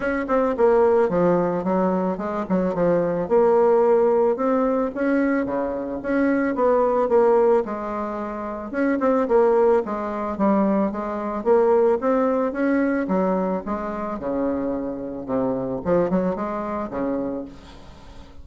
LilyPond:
\new Staff \with { instrumentName = "bassoon" } { \time 4/4 \tempo 4 = 110 cis'8 c'8 ais4 f4 fis4 | gis8 fis8 f4 ais2 | c'4 cis'4 cis4 cis'4 | b4 ais4 gis2 |
cis'8 c'8 ais4 gis4 g4 | gis4 ais4 c'4 cis'4 | fis4 gis4 cis2 | c4 f8 fis8 gis4 cis4 | }